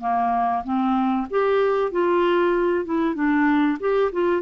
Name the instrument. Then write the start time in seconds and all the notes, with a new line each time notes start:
clarinet
0.00 A#3
0.64 C4
1.30 G4
1.91 F4
2.85 E4
3.14 D4
3.80 G4
4.12 F4